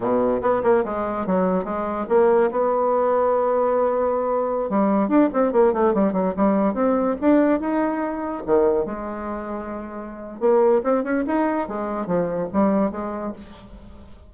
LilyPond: \new Staff \with { instrumentName = "bassoon" } { \time 4/4 \tempo 4 = 144 b,4 b8 ais8 gis4 fis4 | gis4 ais4 b2~ | b2.~ b16 g8.~ | g16 d'8 c'8 ais8 a8 g8 fis8 g8.~ |
g16 c'4 d'4 dis'4.~ dis'16~ | dis'16 dis4 gis2~ gis8.~ | gis4 ais4 c'8 cis'8 dis'4 | gis4 f4 g4 gis4 | }